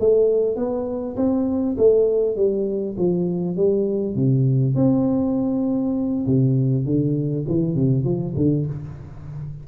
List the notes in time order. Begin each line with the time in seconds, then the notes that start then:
0.00 A3
0.56 B3
1.17 C4
1.78 A3
2.36 G3
2.98 F3
3.57 G3
4.15 C3
4.76 C4
6.27 C3
6.86 D3
7.48 E3
7.75 C3
8.05 F3
8.36 D3